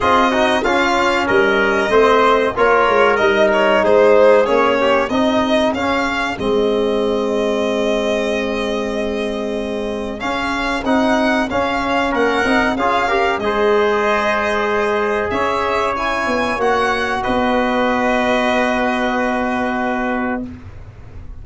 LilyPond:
<<
  \new Staff \with { instrumentName = "violin" } { \time 4/4 \tempo 4 = 94 dis''4 f''4 dis''2 | cis''4 dis''8 cis''8 c''4 cis''4 | dis''4 f''4 dis''2~ | dis''1 |
f''4 fis''4 f''4 fis''4 | f''4 dis''2. | e''4 gis''4 fis''4 dis''4~ | dis''1 | }
  \new Staff \with { instrumentName = "trumpet" } { \time 4/4 gis'8 fis'8 f'4 ais'4 c''4 | ais'2 gis'4. g'8 | gis'1~ | gis'1~ |
gis'2. ais'4 | gis'8 ais'8 c''2. | cis''2. b'4~ | b'1 | }
  \new Staff \with { instrumentName = "trombone" } { \time 4/4 f'8 dis'8 cis'2 c'4 | f'4 dis'2 cis'4 | dis'4 cis'4 c'2~ | c'1 |
cis'4 dis'4 cis'4. dis'8 | f'8 g'8 gis'2.~ | gis'4 e'4 fis'2~ | fis'1 | }
  \new Staff \with { instrumentName = "tuba" } { \time 4/4 c'4 cis'4 g4 a4 | ais8 gis8 g4 gis4 ais4 | c'4 cis'4 gis2~ | gis1 |
cis'4 c'4 cis'4 ais8 c'8 | cis'4 gis2. | cis'4. b8 ais4 b4~ | b1 | }
>>